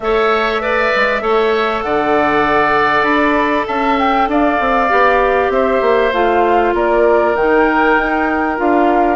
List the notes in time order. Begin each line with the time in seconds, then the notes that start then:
0.00 A3 A4 C#5 E5
0.61 B4 D5
0.95 G#3
1.20 A3 A4 C#5
1.82 D3 D5 F#5
3.02 D4 B5
3.67 C#4 E5 A5
3.99 G5
4.27 D4 D5 F5
4.59 C4
4.89 B3 G4
5.49 C4 C5 E5
5.81 A#3
6.12 A3 F4 F5
6.73 A#3 A#4 D5
7.35 D#3 D#4 G5
7.97 D#4
8.56 D4 F4 F5